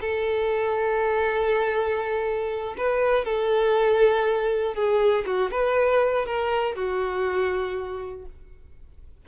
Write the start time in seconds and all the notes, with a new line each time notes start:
0.00 A4
2.77 B4
3.24 A4
4.74 G#4
5.26 F#4
5.50 B4
6.25 A#4
6.75 F#4